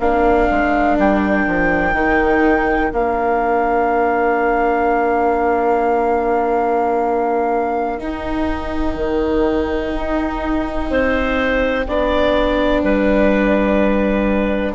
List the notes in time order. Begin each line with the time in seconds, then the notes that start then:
0.00 A#3 D4 A#4 F5
0.51 G#3
0.98 G3 G5
1.47 F3
1.94 D#3 D#4
2.91 A#3 D4 F5
7.99 D#4 G5
8.96 D#3
9.96 D#4
10.90 C4 C5
11.88 B3 D4 D5
12.83 G3 B4